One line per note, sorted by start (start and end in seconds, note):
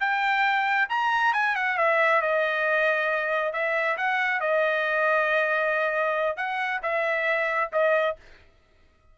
0.00 0.88 G5
0.89 1.33 A#5
1.33 1.55 G#5
1.55 1.77 F#5
1.77 2.21 E5
2.21 3.53 D#5
3.53 3.97 E5
3.97 4.40 F#5
4.40 6.36 D#5
6.36 6.81 F#5
6.82 7.70 E5
7.72 8.16 D#5